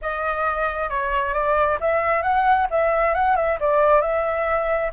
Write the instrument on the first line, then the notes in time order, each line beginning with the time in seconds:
flute
0.01 D#5
0.89 C#5
1.33 D5
1.80 E5
2.22 F#5
2.70 E5
3.14 F#5
3.36 E5
3.59 D5
4.01 E5